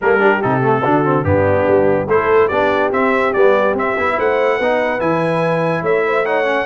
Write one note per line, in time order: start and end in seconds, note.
0.01 0.42 G3
0.01 0.18 A#3
0.01 0.20 A4
0.01 0.42 A#4
0.18 0.39 D4
0.18 0.83 G4
0.42 0.84 C3
0.42 0.61 D#4
0.42 1.24 A4
0.61 0.82 A3
0.84 1.23 D3
0.84 1.04 D4
0.84 1.25 F#4
1.04 1.24 C4
1.23 1.65 G2
1.23 2.07 B3
1.23 2.07 D4
1.23 2.07 G4
1.66 2.07 G3
2.07 2.49 A3
2.07 2.51 E4
2.07 2.48 A4
2.07 2.47 C5
2.47 2.92 B3
2.47 2.91 D4
2.47 4.14 G4
2.47 2.89 D5
2.91 3.33 C4
2.91 3.34 C4
2.91 3.33 E5
3.33 3.73 G3
3.33 3.76 B3
3.33 3.74 D5
3.73 3.94 C4
3.73 3.96 C4
3.73 4.19 E5
3.97 4.18 B3
3.97 4.60 E4
4.16 4.59 A3
4.16 4.57 C5
4.16 5.00 F#5
4.57 5.00 B3
4.57 4.99 D#4
4.57 5.82 B4
4.99 5.81 E3
4.99 6.24 E4
4.99 5.84 G#5
5.81 6.65 A3
5.81 6.03 C#5
5.81 6.25 E5
6.06 6.25 C5
6.25 6.44 D#4
6.25 6.65 C#5
6.25 6.65 F#5
6.44 6.65 C#4